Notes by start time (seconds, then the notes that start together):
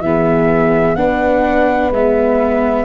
0.00 E3 B3 G#4 E5
0.96 B3 D4 B4 F#5
1.91 G#3 B3 E5